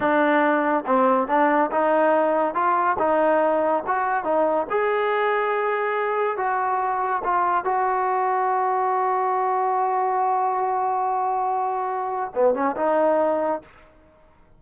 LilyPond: \new Staff \with { instrumentName = "trombone" } { \time 4/4 \tempo 4 = 141 d'2 c'4 d'4 | dis'2 f'4 dis'4~ | dis'4 fis'4 dis'4 gis'4~ | gis'2. fis'4~ |
fis'4 f'4 fis'2~ | fis'1~ | fis'1~ | fis'4 b8 cis'8 dis'2 | }